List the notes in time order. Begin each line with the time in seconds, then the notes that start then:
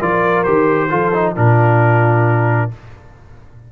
0.00 F3 F4 A#4 D5
0.44 D#3 G4 C5
0.90 F3 F4 A4
1.14 D#4
1.36 A#2 D4 F4 A#4